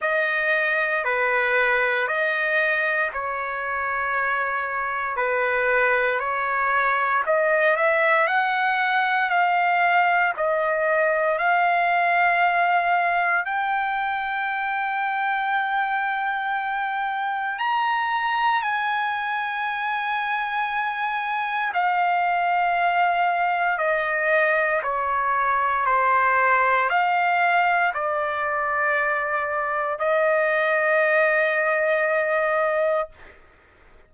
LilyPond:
\new Staff \with { instrumentName = "trumpet" } { \time 4/4 \tempo 4 = 58 dis''4 b'4 dis''4 cis''4~ | cis''4 b'4 cis''4 dis''8 e''8 | fis''4 f''4 dis''4 f''4~ | f''4 g''2.~ |
g''4 ais''4 gis''2~ | gis''4 f''2 dis''4 | cis''4 c''4 f''4 d''4~ | d''4 dis''2. | }